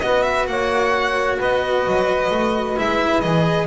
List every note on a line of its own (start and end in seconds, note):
0.00 0.47 B3
0.00 2.77 F#4
0.00 0.49 B4
0.00 0.23 D#5
0.23 0.45 E5
0.47 1.39 A#3
0.47 1.38 C#5
0.47 1.39 F#5
1.38 1.86 B3
1.38 3.67 B4
1.38 2.79 D#5
1.87 2.30 F#3
2.30 2.76 A3
2.77 3.23 G#3
2.77 3.22 E4
2.77 3.21 E5
3.21 3.67 E3
3.21 3.67 G#4
3.21 3.66 D#5